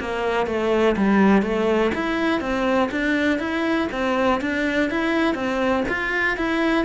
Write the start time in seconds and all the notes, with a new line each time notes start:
0.00 A#3
0.46 A3
0.97 G3
1.42 A3
1.94 E4
2.41 C4
2.91 D4
3.38 E4
3.92 C4
4.41 D4
4.90 E4
5.34 C4
5.88 F4
6.37 E4